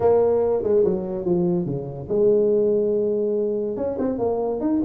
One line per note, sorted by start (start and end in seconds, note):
0.00 0.63 A#3
0.63 0.84 G#3
0.84 1.25 F#3
1.25 1.65 F3
1.65 2.07 C#3
2.09 3.76 G#3
3.76 3.97 C#4
3.98 4.18 C4
4.18 4.60 A#3
4.60 4.81 D#4